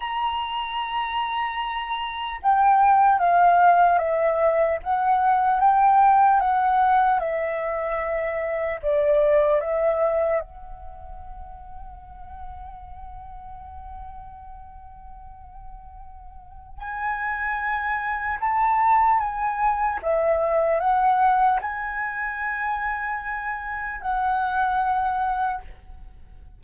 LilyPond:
\new Staff \with { instrumentName = "flute" } { \time 4/4 \tempo 4 = 75 ais''2. g''4 | f''4 e''4 fis''4 g''4 | fis''4 e''2 d''4 | e''4 fis''2.~ |
fis''1~ | fis''4 gis''2 a''4 | gis''4 e''4 fis''4 gis''4~ | gis''2 fis''2 | }